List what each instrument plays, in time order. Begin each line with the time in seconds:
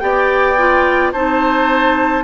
0.00 bassoon B3, clarinet G4, oboe D5, flute G5
0.58 clarinet F4
1.13 bassoon C4, clarinet D#4, oboe C5, flute A5